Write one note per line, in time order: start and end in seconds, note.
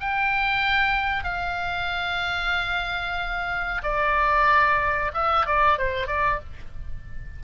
0.00 1.24 G5
1.24 3.82 F5
3.83 5.12 D5
5.14 5.46 E5
5.46 5.78 D5
5.78 6.07 C5
6.07 6.39 D5